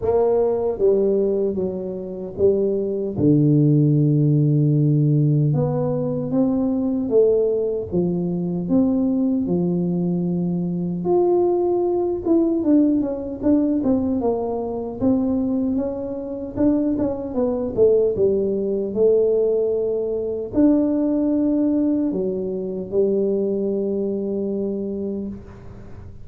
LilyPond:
\new Staff \with { instrumentName = "tuba" } { \time 4/4 \tempo 4 = 76 ais4 g4 fis4 g4 | d2. b4 | c'4 a4 f4 c'4 | f2 f'4. e'8 |
d'8 cis'8 d'8 c'8 ais4 c'4 | cis'4 d'8 cis'8 b8 a8 g4 | a2 d'2 | fis4 g2. | }